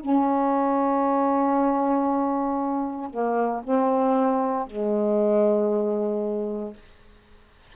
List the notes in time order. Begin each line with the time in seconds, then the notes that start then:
0.00 C#4
3.10 A#3
3.63 C4
4.67 G#3